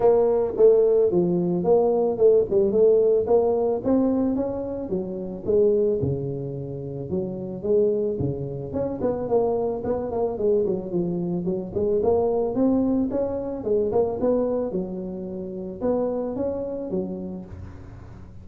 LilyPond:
\new Staff \with { instrumentName = "tuba" } { \time 4/4 \tempo 4 = 110 ais4 a4 f4 ais4 | a8 g8 a4 ais4 c'4 | cis'4 fis4 gis4 cis4~ | cis4 fis4 gis4 cis4 |
cis'8 b8 ais4 b8 ais8 gis8 fis8 | f4 fis8 gis8 ais4 c'4 | cis'4 gis8 ais8 b4 fis4~ | fis4 b4 cis'4 fis4 | }